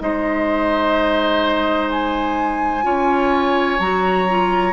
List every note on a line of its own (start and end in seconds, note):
0.00 2.85 G#3
0.00 2.83 D#4
0.00 2.85 C5
0.00 1.90 D#5
1.90 3.80 G#5
2.83 3.79 C#4
2.83 3.79 F4
2.83 4.73 C#5
3.79 4.73 F#3
3.79 4.29 F#4
3.79 4.73 A#5
4.29 4.73 F4